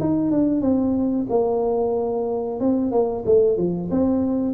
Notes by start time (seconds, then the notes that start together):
0.00 D#4
0.31 D4
0.61 C4
1.30 A#3
2.60 C4
2.91 A#3
3.25 A3
3.57 F3
3.91 C4